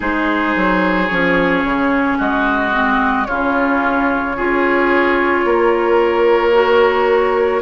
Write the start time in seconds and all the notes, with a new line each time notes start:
0.00 G#3 D#4 G#4 C5
0.55 F#3
1.07 F3 C#4 C#5
1.64 C#3
2.18 G#3 F#4 D#5
2.72 C4
3.25 C#3 C#4 F4 C#5
4.36 C#4 F4 G#4
5.44 A#3 A#4
6.52 F#4